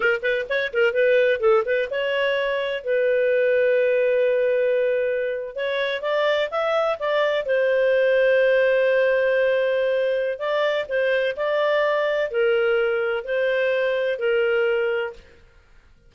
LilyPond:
\new Staff \with { instrumentName = "clarinet" } { \time 4/4 \tempo 4 = 127 ais'8 b'8 cis''8 ais'8 b'4 a'8 b'8 | cis''2 b'2~ | b'2.~ b'8. cis''16~ | cis''8. d''4 e''4 d''4 c''16~ |
c''1~ | c''2 d''4 c''4 | d''2 ais'2 | c''2 ais'2 | }